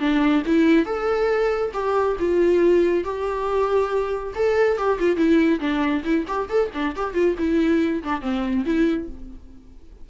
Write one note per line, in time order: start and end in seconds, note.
0.00 0.43 D4
0.47 0.86 E4
0.86 1.72 A4
1.74 2.17 G4
2.20 3.05 F4
3.05 4.34 G4
4.35 4.78 A4
4.78 4.99 G4
4.99 5.17 F4
5.17 5.60 E4
5.60 6.04 D4
6.04 6.26 E4
6.27 6.49 G4
6.49 6.71 A4
6.74 6.96 D4
6.96 7.14 G4
7.14 7.36 F4
7.39 8.03 E4
8.04 8.22 D4
8.22 8.65 C4
8.66 9.09 E4